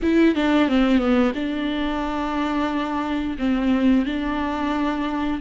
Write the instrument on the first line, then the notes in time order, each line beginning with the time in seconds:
viola
0.02 E4
0.35 D4
0.68 C4
0.98 B3
1.35 D4
3.38 C4
4.05 D4